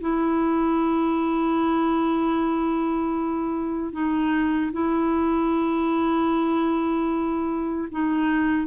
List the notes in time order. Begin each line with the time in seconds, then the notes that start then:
0.00 E4
3.92 D#4
4.72 E4
7.91 D#4